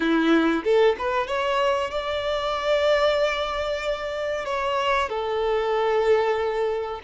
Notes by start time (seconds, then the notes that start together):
0.00 E4
0.64 A4
0.98 B4
1.27 C#5
1.90 D5
4.45 C#5
5.09 A4